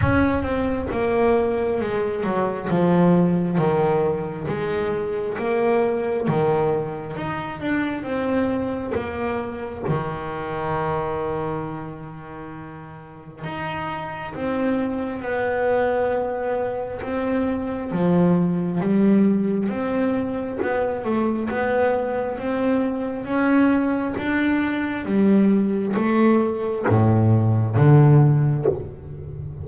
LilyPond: \new Staff \with { instrumentName = "double bass" } { \time 4/4 \tempo 4 = 67 cis'8 c'8 ais4 gis8 fis8 f4 | dis4 gis4 ais4 dis4 | dis'8 d'8 c'4 ais4 dis4~ | dis2. dis'4 |
c'4 b2 c'4 | f4 g4 c'4 b8 a8 | b4 c'4 cis'4 d'4 | g4 a4 a,4 d4 | }